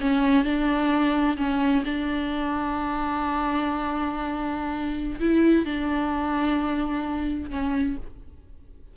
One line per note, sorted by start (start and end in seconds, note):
0.00 0.44 C#4
0.44 1.37 D4
1.37 1.83 C#4
1.85 5.19 D4
5.20 5.65 E4
5.65 7.50 D4
7.50 7.96 C#4